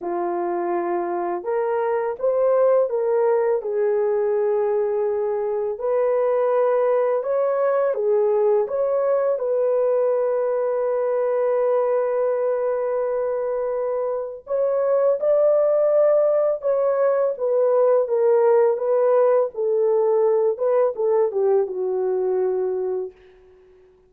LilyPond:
\new Staff \with { instrumentName = "horn" } { \time 4/4 \tempo 4 = 83 f'2 ais'4 c''4 | ais'4 gis'2. | b'2 cis''4 gis'4 | cis''4 b'2.~ |
b'1 | cis''4 d''2 cis''4 | b'4 ais'4 b'4 a'4~ | a'8 b'8 a'8 g'8 fis'2 | }